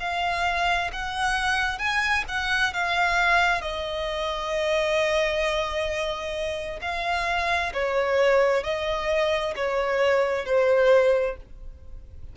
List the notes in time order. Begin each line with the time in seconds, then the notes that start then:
0.00 F5
0.93 F#5
1.79 G#5
2.29 F#5
2.74 F5
3.62 D#5
6.82 F5
7.74 C#5
8.64 D#5
9.56 C#5
10.46 C5